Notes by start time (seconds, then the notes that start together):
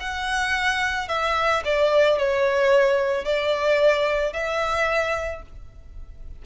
0.00 F#5
1.09 E5
1.65 D5
2.19 C#5
3.25 D5
4.33 E5